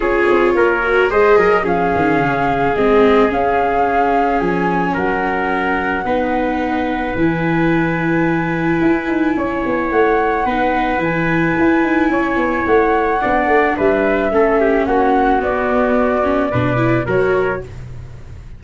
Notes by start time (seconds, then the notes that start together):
0.00 C#4 F4 G#4 C#5
0.30 C4
0.54 A#3 A#4
0.82 F#4
1.10 G#3 G#4 C5 D#5
1.37 F#3 A#4
1.63 F3 C#4 G#4 F5
1.95 D#3
2.19 C#3
2.76 G#3 C4 D#5
3.30 C#4 F5
4.39 F3 G#5
4.93 F#3 A#4 F#5
6.04 B3 D#4 B4
7.15 E3 E4 G#5
8.81 E4
9.07 D#4
9.36 C#4 C#5
9.65 B3
9.90 A3 F#5
10.45 B3 D#4 B4
10.98 E3 E4 G#5
11.58 E4
11.83 D#4
12.09 C#4 C#5
12.36 B3
12.66 A3 F#5
13.21 B3 D4 D5
13.46 A3
13.76 G3 B4 E5
14.31 A3 C#4 A4
14.60 G4
14.85 A#3 F#4 F#5
15.40 B3 D5
16.23 C#4
16.50 B2 D4 B4
16.76 E4
17.06 F#3 F#4 A#4 C#5